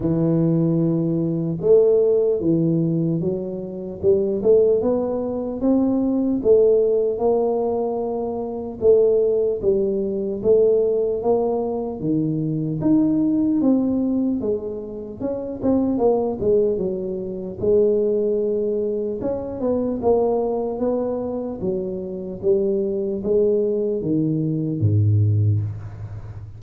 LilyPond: \new Staff \with { instrumentName = "tuba" } { \time 4/4 \tempo 4 = 75 e2 a4 e4 | fis4 g8 a8 b4 c'4 | a4 ais2 a4 | g4 a4 ais4 dis4 |
dis'4 c'4 gis4 cis'8 c'8 | ais8 gis8 fis4 gis2 | cis'8 b8 ais4 b4 fis4 | g4 gis4 dis4 gis,4 | }